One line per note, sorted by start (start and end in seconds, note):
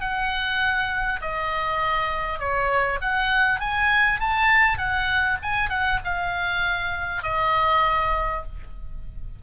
0.00 1.20 F#5
1.21 2.39 D#5
2.39 2.99 C#5
3.01 3.60 F#5
3.60 4.20 G#5
4.20 4.78 A5
4.78 5.38 F#5
5.42 5.69 G#5
5.69 5.99 F#5
6.04 7.22 F5
7.22 8.42 D#5